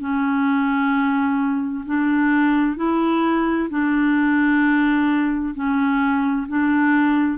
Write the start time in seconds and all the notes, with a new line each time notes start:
0.00 C#4
1.85 D4
2.77 E4
3.70 D4
5.54 C#4
6.48 D4